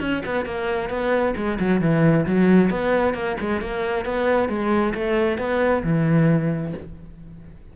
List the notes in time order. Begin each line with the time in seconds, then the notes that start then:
0.00 C#4
0.25 B3
0.45 A#3
0.89 B3
1.36 G#3
1.59 F#3
1.81 E3
2.26 F#3
2.70 B3
3.14 A#3
3.40 G#3
3.61 A#3
4.05 B3
4.49 G#3
4.94 A3
5.38 B3
5.84 E3